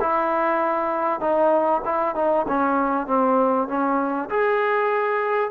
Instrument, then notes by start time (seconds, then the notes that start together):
trombone
0.00 E4
1.20 D#4
1.85 E4
2.15 D#4
2.48 C#4
3.06 C4
3.68 C#4
4.29 G#4